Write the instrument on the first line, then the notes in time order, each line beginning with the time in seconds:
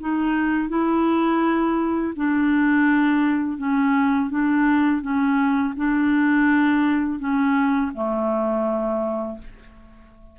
clarinet
0.00 D#4
0.69 E4
2.16 D4
3.58 C#4
4.30 D4
5.02 C#4
5.77 D4
7.19 C#4
7.94 A3